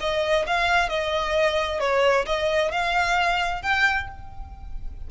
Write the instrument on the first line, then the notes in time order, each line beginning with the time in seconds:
violin
0.00 D#5
0.46 F5
0.89 D#5
1.80 C#5
2.26 D#5
2.71 F5
3.62 G5